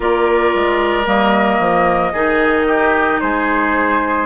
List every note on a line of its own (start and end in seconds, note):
0.00 0.53 A#3
0.00 1.05 F4
0.00 2.12 A#4
0.00 1.07 D5
0.54 1.06 G#3
1.05 1.59 G3
1.05 2.12 A#3
1.05 3.20 D#5
1.59 2.12 F3
2.12 3.20 D#3
2.12 4.26 D#4
2.12 2.65 G#4
2.67 3.21 G4
3.20 4.26 G#3
3.20 4.26 G#4
3.20 4.26 C5